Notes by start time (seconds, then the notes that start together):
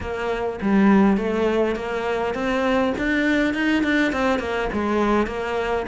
0.00 A#3
0.61 G3
1.17 A3
1.75 A#3
2.34 C4
2.97 D4
3.54 D#4
3.83 D4
4.12 C4
4.39 A#3
4.72 G#3
5.26 A#3